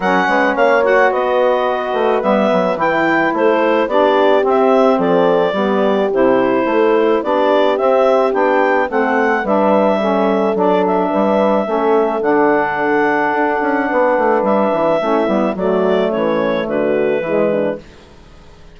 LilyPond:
<<
  \new Staff \with { instrumentName = "clarinet" } { \time 4/4 \tempo 4 = 108 fis''4 f''8 fis''8 dis''2 | e''4 g''4 c''4 d''4 | e''4 d''2 c''4~ | c''4 d''4 e''4 g''4 |
fis''4 e''2 d''8 e''8~ | e''2 fis''2~ | fis''2 e''2 | d''4 cis''4 b'2 | }
  \new Staff \with { instrumentName = "horn" } { \time 4/4 ais'8 b'8 cis''4 b'2~ | b'2 a'4 g'4~ | g'4 a'4 g'2 | a'4 g'2. |
a'4 b'4 a'2 | b'4 a'2.~ | a'4 b'2 e'4 | fis'4 cis'4 fis'4 e'8 d'8 | }
  \new Staff \with { instrumentName = "saxophone" } { \time 4/4 cis'4. fis'2~ fis'8 | b4 e'2 d'4 | c'2 b4 e'4~ | e'4 d'4 c'4 d'4 |
c'4 d'4 cis'4 d'4~ | d'4 cis'4 d'2~ | d'2. cis'8 b8 | a2. gis4 | }
  \new Staff \with { instrumentName = "bassoon" } { \time 4/4 fis8 gis8 ais4 b4. a8 | g8 fis8 e4 a4 b4 | c'4 f4 g4 c4 | a4 b4 c'4 b4 |
a4 g2 fis4 | g4 a4 d2 | d'8 cis'8 b8 a8 g8 e8 a8 g8 | fis4 e4 d4 e4 | }
>>